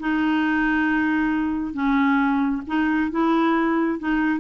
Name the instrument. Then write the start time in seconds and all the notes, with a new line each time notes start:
clarinet
0.00 D#4
1.74 C#4
2.67 D#4
3.12 E4
3.99 D#4